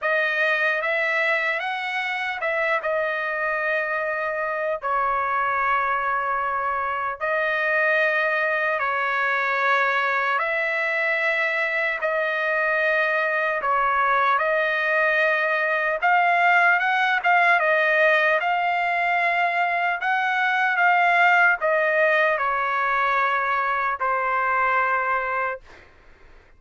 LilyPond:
\new Staff \with { instrumentName = "trumpet" } { \time 4/4 \tempo 4 = 75 dis''4 e''4 fis''4 e''8 dis''8~ | dis''2 cis''2~ | cis''4 dis''2 cis''4~ | cis''4 e''2 dis''4~ |
dis''4 cis''4 dis''2 | f''4 fis''8 f''8 dis''4 f''4~ | f''4 fis''4 f''4 dis''4 | cis''2 c''2 | }